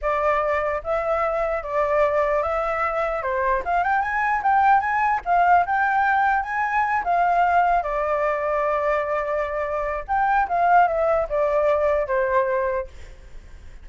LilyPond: \new Staff \with { instrumentName = "flute" } { \time 4/4 \tempo 4 = 149 d''2 e''2 | d''2 e''2 | c''4 f''8 g''8 gis''4 g''4 | gis''4 f''4 g''2 |
gis''4. f''2 d''8~ | d''1~ | d''4 g''4 f''4 e''4 | d''2 c''2 | }